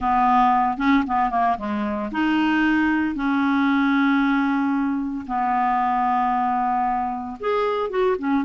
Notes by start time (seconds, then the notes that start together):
0.00 B3
0.77 C#4
1.06 B3
1.30 A#3
1.58 G#3
2.11 D#4
3.15 C#4
5.26 B3
7.40 G#4
7.89 F#4
8.18 C#4